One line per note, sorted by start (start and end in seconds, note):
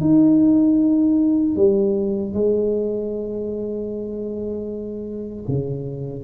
0.00 1.55 D#4
1.55 2.33 G3
2.33 5.45 G#3
5.48 6.23 C#3